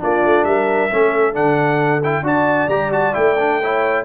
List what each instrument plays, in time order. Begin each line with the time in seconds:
0.00 tuba A#3, trombone D4, horn F4, trumpet D5
0.26 tuba A3
0.45 tuba G3, horn A#4, trumpet E5
0.91 tuba A3, trombone C#4, horn A4
1.33 tuba D3, trombone D4, trumpet F#5
2.03 trombone E4, trumpet G5
2.23 tuba D4, trombone F#4, horn D5, trumpet A5
2.68 tuba G3, trombone G4, trumpet A#5
2.92 trombone F#4, trumpet A5
3.13 tuba A3, trombone E4, trumpet G5
3.39 trombone D4
3.61 trombone E4, horn C#5